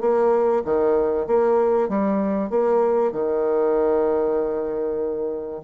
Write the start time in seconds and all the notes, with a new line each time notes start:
0.00 A#3
0.65 D#3
1.27 A#3
1.89 G3
2.49 A#3
3.12 D#3